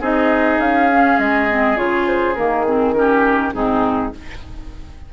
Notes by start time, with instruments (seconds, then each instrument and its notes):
0.00 bassoon C4, clarinet D#4, oboe G#4, flute D#5
0.58 bassoon C#4, flute F5
0.92 clarinet C#4
1.18 bassoon G#3, flute D#5
1.50 clarinet C4
1.76 bassoon C#3, clarinet F4, flute C#5
2.07 flute C5
2.35 bassoon D#3, clarinet A#3, flute A#4
2.65 clarinet C4, flute G#4
2.94 clarinet C#4, oboe G4, flute A#4
3.53 bassoon G#2, clarinet C4, oboe D#4, flute G#4